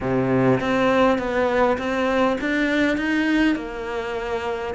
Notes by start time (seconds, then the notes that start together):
0.00 C3
0.60 C4
1.18 B3
1.77 C4
2.40 D4
2.97 D#4
3.55 A#3